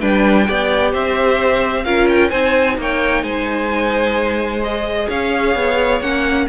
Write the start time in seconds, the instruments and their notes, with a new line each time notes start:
0.00 cello G3, viola D4, violin B4 G5
0.46 cello B3, viola G4, violin D5
0.92 cello C4, violin C5 E5
1.85 cello C#4, viola F4, violin A#4 F5
2.09 violin G5
2.30 cello C4, viola D#4, violin C5 G#5
2.77 cello A#3, violin C#5 G5
3.23 cello G#3, violin C5 G#5
4.63 viola G#4, violin D#5
5.07 cello C#4, violin C#5 F5
5.55 cello B3
6.00 cello A#3, viola C#4, violin F#5